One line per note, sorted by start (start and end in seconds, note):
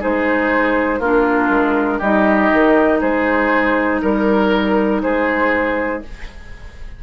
0.00 1.00 G#3
0.00 1.00 D#4
0.00 1.00 G#4
0.00 1.03 C5
1.00 1.49 A#3
1.00 2.02 D4
1.00 1.99 F4
1.00 2.01 A#4
1.49 1.99 G#3
1.99 2.51 G3
1.99 6.03 D#4
1.99 2.99 G4
1.99 3.01 D#5
2.53 3.02 D#3
3.02 4.02 G#3
3.02 4.02 G#4
3.02 4.02 C5
4.02 5.03 G3
4.02 5.02 A#4
4.02 5.03 A#4
5.03 6.04 G#3
5.03 6.03 G#4
5.03 6.03 C5